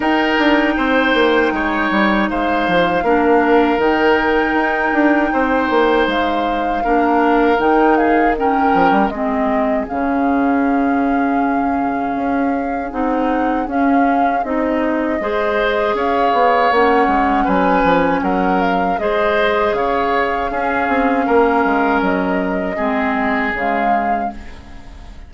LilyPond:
<<
  \new Staff \with { instrumentName = "flute" } { \time 4/4 \tempo 4 = 79 g''2. f''4~ | f''4 g''2. | f''2 g''8 f''8 g''4 | dis''4 f''2.~ |
f''4 fis''4 f''4 dis''4~ | dis''4 f''4 fis''4 gis''4 | fis''8 f''8 dis''4 f''2~ | f''4 dis''2 f''4 | }
  \new Staff \with { instrumentName = "oboe" } { \time 4/4 ais'4 c''4 cis''4 c''4 | ais'2. c''4~ | c''4 ais'4. gis'8 ais'4 | gis'1~ |
gis'1 | c''4 cis''2 b'4 | ais'4 c''4 cis''4 gis'4 | ais'2 gis'2 | }
  \new Staff \with { instrumentName = "clarinet" } { \time 4/4 dis'1 | d'4 dis'2.~ | dis'4 d'4 dis'4 cis'4 | c'4 cis'2.~ |
cis'4 dis'4 cis'4 dis'4 | gis'2 cis'2~ | cis'4 gis'2 cis'4~ | cis'2 c'4 gis4 | }
  \new Staff \with { instrumentName = "bassoon" } { \time 4/4 dis'8 d'8 c'8 ais8 gis8 g8 gis8 f8 | ais4 dis4 dis'8 d'8 c'8 ais8 | gis4 ais4 dis4. f16 g16 | gis4 cis2. |
cis'4 c'4 cis'4 c'4 | gis4 cis'8 b8 ais8 gis8 fis8 f8 | fis4 gis4 cis4 cis'8 c'8 | ais8 gis8 fis4 gis4 cis4 | }
>>